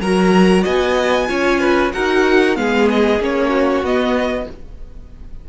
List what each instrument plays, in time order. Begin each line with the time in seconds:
0.00 cello F#3, viola F#4, violin A#4 A#5
0.62 cello B3, violin D#5 G#5
1.27 cello C#4, viola F4, violin C#5
1.60 violin B4
1.92 cello D#4, viola F#4, violin A#4 F#5
2.55 cello G#3, viola B3, violin G#4 F5
2.90 violin D#5
3.20 cello A#3, viola C#4, violin C#5
3.49 violin F#4
3.82 cello B3, viola B3, violin D#5